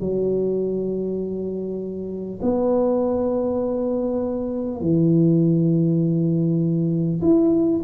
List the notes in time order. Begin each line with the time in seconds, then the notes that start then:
0.00 F#3
2.42 B3
4.81 E3
7.22 E4